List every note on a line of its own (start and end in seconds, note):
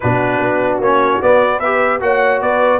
0.00 0.39 B2
0.00 0.83 D4
0.00 1.58 F#4
0.00 0.78 B4
0.39 0.79 B3
0.79 1.20 A#3
0.79 1.22 C#4
0.79 1.21 C#5
1.22 1.62 B3
1.22 2.01 B3
1.22 1.59 D5
1.58 2.00 G4
1.58 1.99 B4
1.58 1.99 E5
2.00 2.40 A#3
2.00 2.79 F#4
2.00 2.41 C#5
2.00 2.41 F#5
2.40 2.79 B3
2.40 2.79 B4
2.40 2.79 D5